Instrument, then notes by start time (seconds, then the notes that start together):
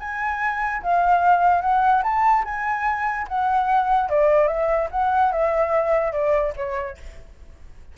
flute
0.00 G#5
0.83 F5
1.61 F#5
2.03 A5
2.45 G#5
3.28 F#5
4.09 D5
4.48 E5
4.91 F#5
5.32 E5
6.13 D5
6.57 C#5